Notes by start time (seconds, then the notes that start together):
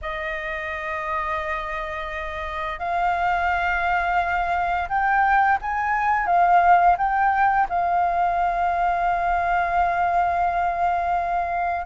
0.01 D#5
2.79 F5
4.88 G5
5.61 G#5
6.26 F5
6.97 G5
7.69 F5